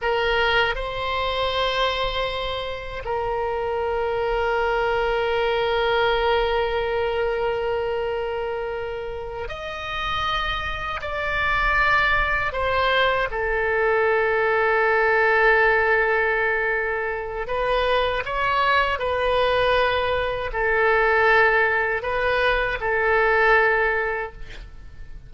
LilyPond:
\new Staff \with { instrumentName = "oboe" } { \time 4/4 \tempo 4 = 79 ais'4 c''2. | ais'1~ | ais'1~ | ais'8 dis''2 d''4.~ |
d''8 c''4 a'2~ a'8~ | a'2. b'4 | cis''4 b'2 a'4~ | a'4 b'4 a'2 | }